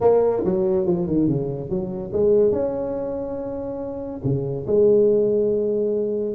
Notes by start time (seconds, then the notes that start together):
0.01 A#3
0.44 F#3
0.85 F3
1.06 D#3
1.27 C#3
1.69 F#3
2.12 G#3
2.52 C#4
4.23 C#3
4.66 G#3